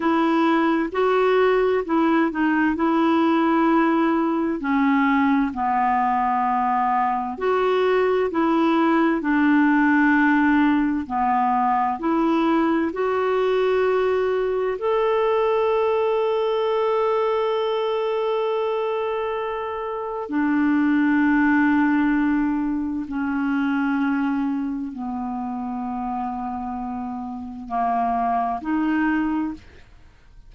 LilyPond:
\new Staff \with { instrumentName = "clarinet" } { \time 4/4 \tempo 4 = 65 e'4 fis'4 e'8 dis'8 e'4~ | e'4 cis'4 b2 | fis'4 e'4 d'2 | b4 e'4 fis'2 |
a'1~ | a'2 d'2~ | d'4 cis'2 b4~ | b2 ais4 dis'4 | }